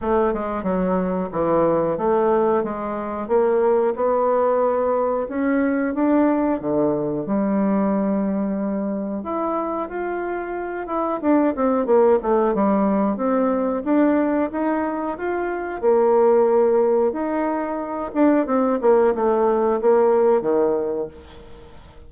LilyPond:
\new Staff \with { instrumentName = "bassoon" } { \time 4/4 \tempo 4 = 91 a8 gis8 fis4 e4 a4 | gis4 ais4 b2 | cis'4 d'4 d4 g4~ | g2 e'4 f'4~ |
f'8 e'8 d'8 c'8 ais8 a8 g4 | c'4 d'4 dis'4 f'4 | ais2 dis'4. d'8 | c'8 ais8 a4 ais4 dis4 | }